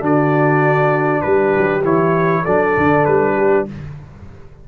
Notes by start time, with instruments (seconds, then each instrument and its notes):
0.00 tuba D3, trombone D4, horn F#4, trumpet D5
1.22 tuba G3, horn G4, trumpet B4
1.57 tuba F#3
1.84 tuba E3, trombone E4, trumpet C#5
2.43 tuba F#3, trombone D4, horn A4, trumpet D5
2.78 tuba D3
3.06 tuba G3, trumpet B4
3.36 horn G4